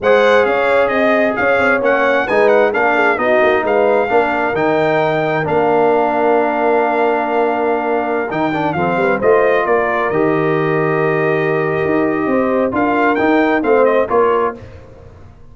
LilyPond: <<
  \new Staff \with { instrumentName = "trumpet" } { \time 4/4 \tempo 4 = 132 fis''4 f''4 dis''4 f''4 | fis''4 gis''8 fis''8 f''4 dis''4 | f''2 g''2 | f''1~ |
f''2~ f''16 g''4 f''8.~ | f''16 dis''4 d''4 dis''4.~ dis''16~ | dis''1 | f''4 g''4 f''8 dis''8 cis''4 | }
  \new Staff \with { instrumentName = "horn" } { \time 4/4 c''4 cis''4 dis''4 cis''4~ | cis''4 b'4 ais'8 gis'8 fis'4 | b'4 ais'2.~ | ais'1~ |
ais'2.~ ais'16 a'8 b'16~ | b'16 c''4 ais'2~ ais'8.~ | ais'2. c''4 | ais'2 c''4 ais'4 | }
  \new Staff \with { instrumentName = "trombone" } { \time 4/4 gis'1 | cis'4 dis'4 d'4 dis'4~ | dis'4 d'4 dis'2 | d'1~ |
d'2~ d'16 dis'8 d'8 c'8.~ | c'16 f'2 g'4.~ g'16~ | g'1 | f'4 dis'4 c'4 f'4 | }
  \new Staff \with { instrumentName = "tuba" } { \time 4/4 gis4 cis'4 c'4 cis'8 c'8 | ais4 gis4 ais4 b8 ais8 | gis4 ais4 dis2 | ais1~ |
ais2~ ais16 dis4 f8 g16~ | g16 a4 ais4 dis4.~ dis16~ | dis2 dis'4 c'4 | d'4 dis'4 a4 ais4 | }
>>